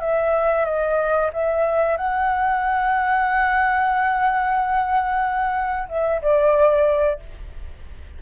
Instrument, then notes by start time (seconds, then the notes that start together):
flute
0.00 E5
0.65 D#5
1.33 E5
1.97 F#5
5.88 E5
6.21 D5